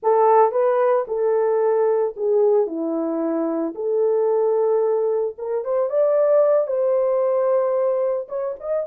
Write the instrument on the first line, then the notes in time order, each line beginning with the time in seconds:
horn
0.02 A4
0.51 B4
1.07 A4
2.16 G#4
2.66 E4
3.75 A4
5.38 A#4
5.64 C5
5.89 D5
6.67 C5
8.28 C#5
8.60 D#5